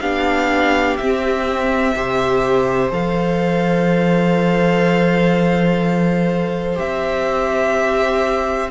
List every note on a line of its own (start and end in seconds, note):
0.00 0.97 B3
0.00 0.98 D4
0.00 1.94 G4
0.00 0.97 F5
0.97 1.96 C4
0.97 1.95 C4
0.97 2.90 E5
1.95 2.91 C3
1.95 2.91 G4
1.95 8.70 C5
2.91 6.78 F3
2.91 6.75 A4
2.91 6.78 F5
6.75 8.70 C4
6.75 8.69 G4
6.75 8.70 E5